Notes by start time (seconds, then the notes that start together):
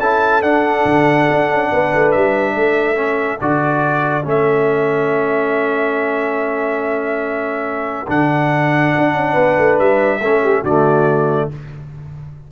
0.00 C#4 E4 A4 A5
0.43 D4 F#5
0.86 D3
1.31 D4
1.50 C#4
1.72 B3 B4
1.95 A3
2.12 G3 E5
2.55 A3 A4
2.96 C#4
3.41 D3 F#4 D5
4.24 A3 C#4 E5
8.08 D3 D4 F#5
8.98 D4
9.14 C#4
9.33 B3 B4
9.59 A3
9.79 G3 E5
10.20 A3 C#4 A4
10.43 G4
10.63 D3 A3 F#4 D5